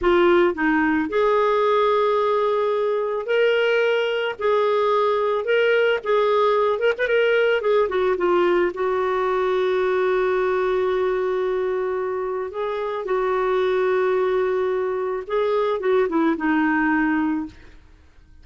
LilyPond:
\new Staff \with { instrumentName = "clarinet" } { \time 4/4 \tempo 4 = 110 f'4 dis'4 gis'2~ | gis'2 ais'2 | gis'2 ais'4 gis'4~ | gis'8 ais'16 b'16 ais'4 gis'8 fis'8 f'4 |
fis'1~ | fis'2. gis'4 | fis'1 | gis'4 fis'8 e'8 dis'2 | }